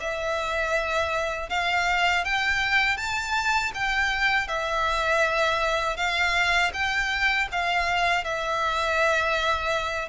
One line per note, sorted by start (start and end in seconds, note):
0.00 1.49 E5
1.49 2.24 F5
2.24 2.97 G5
2.97 3.72 A5
3.74 4.48 G5
4.48 5.97 E5
5.97 6.71 F5
6.73 7.48 G5
7.52 8.24 F5
8.24 10.09 E5